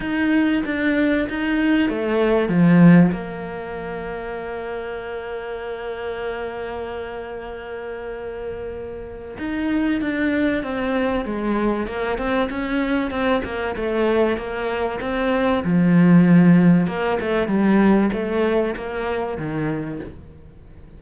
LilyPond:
\new Staff \with { instrumentName = "cello" } { \time 4/4 \tempo 4 = 96 dis'4 d'4 dis'4 a4 | f4 ais2.~ | ais1~ | ais2. dis'4 |
d'4 c'4 gis4 ais8 c'8 | cis'4 c'8 ais8 a4 ais4 | c'4 f2 ais8 a8 | g4 a4 ais4 dis4 | }